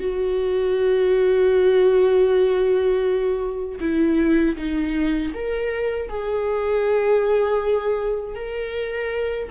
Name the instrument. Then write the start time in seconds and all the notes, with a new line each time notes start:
viola
0.00 F#4
3.80 E4
4.57 D#4
5.34 A#4
6.09 G#4
8.35 A#4